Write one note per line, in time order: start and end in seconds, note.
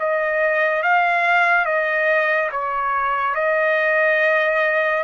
0.00 0.83 D#5
0.83 1.66 F5
1.66 2.50 D#5
2.52 3.35 C#5
3.35 5.04 D#5